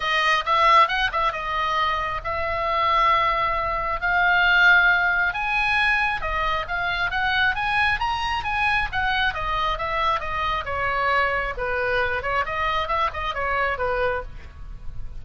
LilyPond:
\new Staff \with { instrumentName = "oboe" } { \time 4/4 \tempo 4 = 135 dis''4 e''4 fis''8 e''8 dis''4~ | dis''4 e''2.~ | e''4 f''2. | gis''2 dis''4 f''4 |
fis''4 gis''4 ais''4 gis''4 | fis''4 dis''4 e''4 dis''4 | cis''2 b'4. cis''8 | dis''4 e''8 dis''8 cis''4 b'4 | }